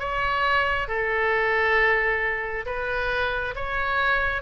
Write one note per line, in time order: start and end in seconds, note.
0.00 0.88 C#5
0.88 2.66 A4
2.66 3.55 B4
3.56 4.42 C#5